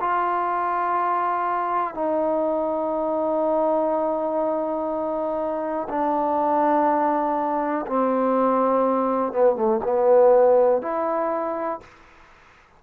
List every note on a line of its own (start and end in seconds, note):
0.00 1.94 F4
1.94 5.88 D#4
5.89 7.86 D4
7.87 9.33 C4
9.33 9.56 B3
9.56 9.80 A3
9.84 10.82 B3
10.82 11.80 E4